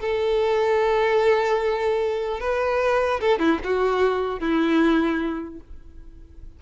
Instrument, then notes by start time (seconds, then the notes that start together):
violin
0.00 A4
2.40 B4
3.20 A4
3.39 E4
3.63 F#4
4.39 E4